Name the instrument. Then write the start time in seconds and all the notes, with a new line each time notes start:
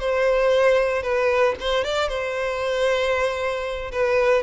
violin
0.00 C5
1.03 B4
1.60 C5
1.84 D5
2.09 C5
3.92 B4